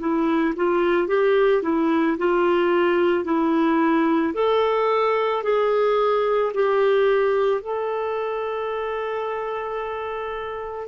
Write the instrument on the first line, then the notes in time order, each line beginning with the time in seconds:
clarinet
0.00 E4
0.57 F4
1.08 G4
1.63 E4
2.18 F4
3.25 E4
4.34 A4
5.43 G#4
6.54 G4
7.62 A4